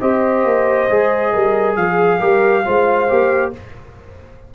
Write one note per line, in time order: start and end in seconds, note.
0.00 0.44 C4
0.00 0.88 G4
0.00 1.33 C5
0.00 1.76 D#5
0.44 0.88 A#3
0.89 1.33 G#3
0.89 2.19 G#4
1.33 1.76 G3
1.33 1.77 A#4
1.76 2.20 F3
1.76 2.19 G#4
1.76 3.52 F5
2.19 2.65 G3
2.19 2.63 G4
2.19 2.63 A#4
2.63 3.10 G#3
2.63 3.08 F4
2.63 3.53 C5
3.08 3.54 A#3
3.08 3.52 G4